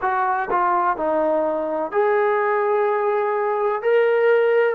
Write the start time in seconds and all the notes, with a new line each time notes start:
0.01 F#4
0.50 F4
0.97 D#4
1.91 G#4
3.81 A#4